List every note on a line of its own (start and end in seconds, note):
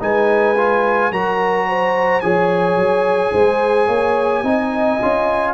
0.00 1.11 G#3
0.00 0.56 D#4
0.00 1.11 B4
0.00 1.12 G#5
0.57 1.12 F4
1.11 2.22 F#3
1.11 2.22 F#4
1.11 1.67 A#4
1.11 2.20 A#5
1.68 2.24 C5
2.20 2.75 F3
2.20 4.44 G#4
2.20 3.33 C#5
2.20 5.53 G#5
2.75 3.31 F#3
3.33 3.87 G#3
3.33 3.86 C5
3.86 4.43 A#3
3.86 4.42 C#5
4.43 4.99 C4
4.43 4.99 D#4
4.43 5.54 D#5
5.02 5.54 C#4
5.02 5.54 F4